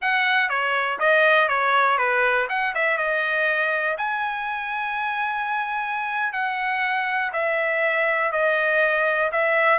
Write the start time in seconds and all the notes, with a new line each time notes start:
0.01 F#5
0.49 C#5
0.99 D#5
1.48 C#5
1.98 B4
2.49 F#5
2.75 E5
2.97 D#5
3.97 G#5
6.32 F#5
7.33 E5
8.31 D#5
9.32 E5